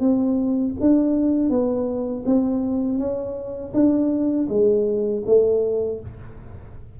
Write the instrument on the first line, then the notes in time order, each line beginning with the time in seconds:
tuba
0.00 C4
0.80 D4
1.49 B3
2.25 C4
2.98 C#4
3.73 D4
4.49 G#3
5.26 A3